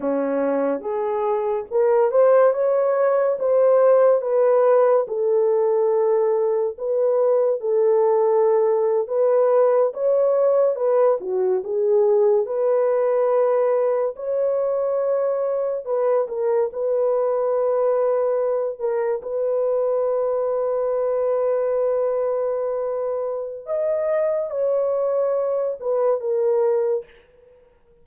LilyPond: \new Staff \with { instrumentName = "horn" } { \time 4/4 \tempo 4 = 71 cis'4 gis'4 ais'8 c''8 cis''4 | c''4 b'4 a'2 | b'4 a'4.~ a'16 b'4 cis''16~ | cis''8. b'8 fis'8 gis'4 b'4~ b'16~ |
b'8. cis''2 b'8 ais'8 b'16~ | b'2~ b'16 ais'8 b'4~ b'16~ | b'1 | dis''4 cis''4. b'8 ais'4 | }